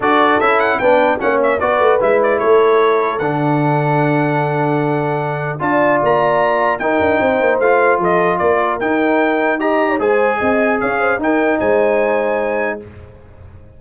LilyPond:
<<
  \new Staff \with { instrumentName = "trumpet" } { \time 4/4 \tempo 4 = 150 d''4 e''8 fis''8 g''4 fis''8 e''8 | d''4 e''8 d''8 cis''2 | fis''1~ | fis''2 a''4 ais''4~ |
ais''4 g''2 f''4 | dis''4 d''4 g''2 | ais''4 gis''2 f''4 | g''4 gis''2. | }
  \new Staff \with { instrumentName = "horn" } { \time 4/4 a'2 b'4 cis''4 | b'2 a'2~ | a'1~ | a'2 d''2~ |
d''4 ais'4 c''2 | a'4 ais'2. | dis''8. cis''16 c''4 dis''4 cis''8 c''8 | ais'4 c''2. | }
  \new Staff \with { instrumentName = "trombone" } { \time 4/4 fis'4 e'4 d'4 cis'4 | fis'4 e'2. | d'1~ | d'2 f'2~ |
f'4 dis'2 f'4~ | f'2 dis'2 | g'4 gis'2. | dis'1 | }
  \new Staff \with { instrumentName = "tuba" } { \time 4/4 d'4 cis'4 b4 ais4 | b8 a8 gis4 a2 | d1~ | d2 d'4 ais4~ |
ais4 dis'8 d'8 c'8 ais8 a4 | f4 ais4 dis'2~ | dis'4 gis4 c'4 cis'4 | dis'4 gis2. | }
>>